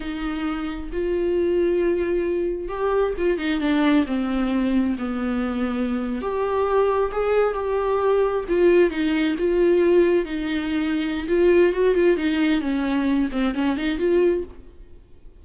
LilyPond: \new Staff \with { instrumentName = "viola" } { \time 4/4 \tempo 4 = 133 dis'2 f'2~ | f'2 g'4 f'8 dis'8 | d'4 c'2 b4~ | b4.~ b16 g'2 gis'16~ |
gis'8. g'2 f'4 dis'16~ | dis'8. f'2 dis'4~ dis'16~ | dis'4 f'4 fis'8 f'8 dis'4 | cis'4. c'8 cis'8 dis'8 f'4 | }